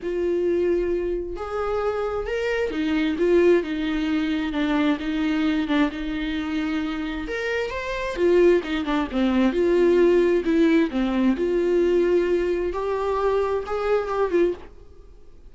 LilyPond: \new Staff \with { instrumentName = "viola" } { \time 4/4 \tempo 4 = 132 f'2. gis'4~ | gis'4 ais'4 dis'4 f'4 | dis'2 d'4 dis'4~ | dis'8 d'8 dis'2. |
ais'4 c''4 f'4 dis'8 d'8 | c'4 f'2 e'4 | c'4 f'2. | g'2 gis'4 g'8 f'8 | }